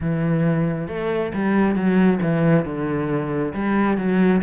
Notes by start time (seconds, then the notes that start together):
0.00 E3
0.88 A3
1.34 G3
1.75 F#3
2.21 E3
2.65 D3
3.54 G3
3.97 F#3